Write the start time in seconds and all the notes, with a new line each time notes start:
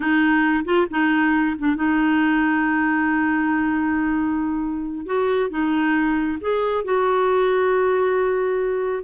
0.00 D#4
0.64 F4
0.90 D#4
1.58 D4
1.75 D#4
5.06 F#4
5.50 D#4
6.41 G#4
6.84 F#4